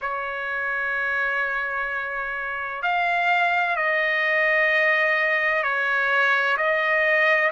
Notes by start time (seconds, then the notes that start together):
0.01 C#5
2.82 F5
3.75 D#5
5.62 C#5
6.57 D#5